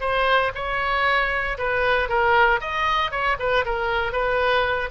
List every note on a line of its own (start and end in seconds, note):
0.00 0.51 C5
0.55 1.57 C#5
1.58 2.08 B4
2.08 2.60 A#4
2.61 3.11 D#5
3.11 3.36 C#5
3.39 3.64 B4
3.65 4.12 A#4
4.12 4.89 B4